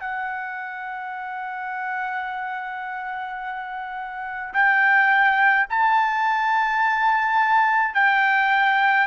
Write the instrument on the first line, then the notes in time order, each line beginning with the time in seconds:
trumpet
0.00 F#5
4.53 G5
5.69 A5
7.94 G5